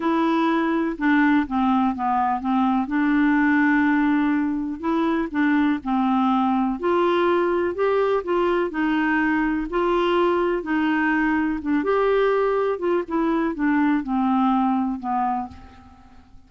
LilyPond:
\new Staff \with { instrumentName = "clarinet" } { \time 4/4 \tempo 4 = 124 e'2 d'4 c'4 | b4 c'4 d'2~ | d'2 e'4 d'4 | c'2 f'2 |
g'4 f'4 dis'2 | f'2 dis'2 | d'8 g'2 f'8 e'4 | d'4 c'2 b4 | }